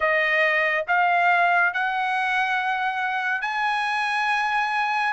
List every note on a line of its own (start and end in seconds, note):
0.00 0.85 D#5
0.87 1.73 F5
1.73 3.41 F#5
3.41 5.13 G#5